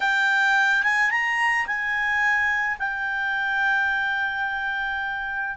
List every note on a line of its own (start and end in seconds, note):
0.00 0.83 G5
0.83 1.10 G#5
1.11 1.66 A#5
1.66 2.77 G#5
2.79 5.56 G5